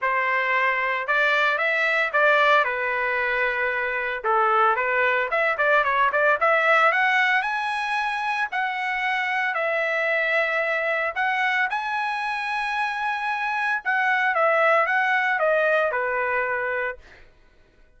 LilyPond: \new Staff \with { instrumentName = "trumpet" } { \time 4/4 \tempo 4 = 113 c''2 d''4 e''4 | d''4 b'2. | a'4 b'4 e''8 d''8 cis''8 d''8 | e''4 fis''4 gis''2 |
fis''2 e''2~ | e''4 fis''4 gis''2~ | gis''2 fis''4 e''4 | fis''4 dis''4 b'2 | }